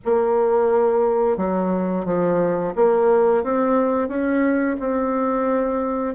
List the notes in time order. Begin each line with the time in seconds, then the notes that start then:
0.04 A#3
1.37 F#3
2.05 F3
2.75 A#3
3.43 C4
4.08 C#4
4.79 C4